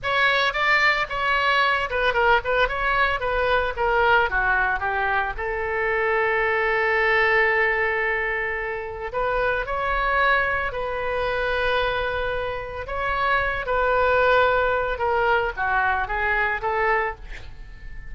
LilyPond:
\new Staff \with { instrumentName = "oboe" } { \time 4/4 \tempo 4 = 112 cis''4 d''4 cis''4. b'8 | ais'8 b'8 cis''4 b'4 ais'4 | fis'4 g'4 a'2~ | a'1~ |
a'4 b'4 cis''2 | b'1 | cis''4. b'2~ b'8 | ais'4 fis'4 gis'4 a'4 | }